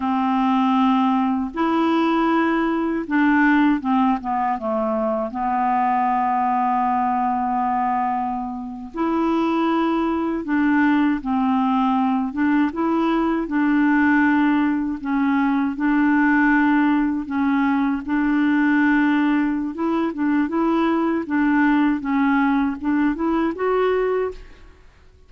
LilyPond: \new Staff \with { instrumentName = "clarinet" } { \time 4/4 \tempo 4 = 79 c'2 e'2 | d'4 c'8 b8 a4 b4~ | b2.~ b8. e'16~ | e'4.~ e'16 d'4 c'4~ c'16~ |
c'16 d'8 e'4 d'2 cis'16~ | cis'8. d'2 cis'4 d'16~ | d'2 e'8 d'8 e'4 | d'4 cis'4 d'8 e'8 fis'4 | }